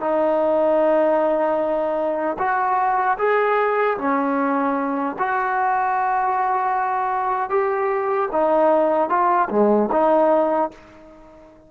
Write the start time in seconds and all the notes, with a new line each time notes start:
0.00 D#4
2.38 F#4
3.18 G#4
3.98 C#4
5.19 F#4
7.50 G4
8.32 D#4
9.09 F4
9.50 G#3
9.92 D#4